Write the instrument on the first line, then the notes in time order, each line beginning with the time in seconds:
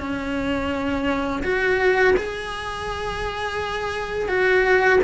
cello
0.00 C#4
1.43 F#4
2.17 G#4
4.29 F#4